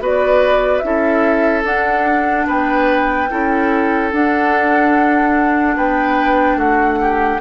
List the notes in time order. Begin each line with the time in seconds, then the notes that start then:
0.00 B3 F#4 B4 D5
0.79 C#4 E4 E5
0.86 A4
1.64 D4 F#5
2.47 B3 B4 G5
3.30 C#4 E4 A4
4.12 D4 F#5
5.77 B3 B4 G5
6.56 A3 F#4 F#5
7.01 G4